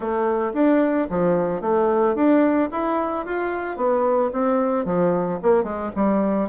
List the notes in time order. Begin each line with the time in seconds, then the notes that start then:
0.00 A3
0.53 D4
1.10 F3
1.61 A3
2.15 D4
2.71 E4
3.25 F4
3.76 B3
4.32 C4
4.85 F3
5.42 A#3
5.63 G#3
5.95 G3